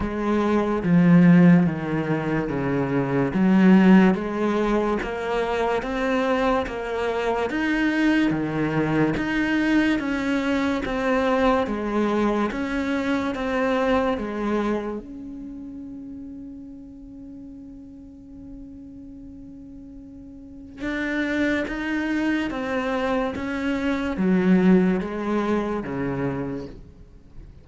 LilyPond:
\new Staff \with { instrumentName = "cello" } { \time 4/4 \tempo 4 = 72 gis4 f4 dis4 cis4 | fis4 gis4 ais4 c'4 | ais4 dis'4 dis4 dis'4 | cis'4 c'4 gis4 cis'4 |
c'4 gis4 cis'2~ | cis'1~ | cis'4 d'4 dis'4 c'4 | cis'4 fis4 gis4 cis4 | }